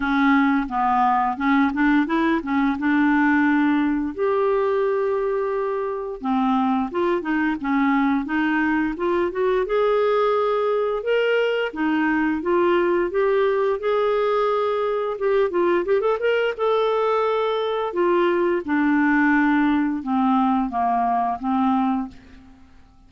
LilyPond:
\new Staff \with { instrumentName = "clarinet" } { \time 4/4 \tempo 4 = 87 cis'4 b4 cis'8 d'8 e'8 cis'8 | d'2 g'2~ | g'4 c'4 f'8 dis'8 cis'4 | dis'4 f'8 fis'8 gis'2 |
ais'4 dis'4 f'4 g'4 | gis'2 g'8 f'8 g'16 a'16 ais'8 | a'2 f'4 d'4~ | d'4 c'4 ais4 c'4 | }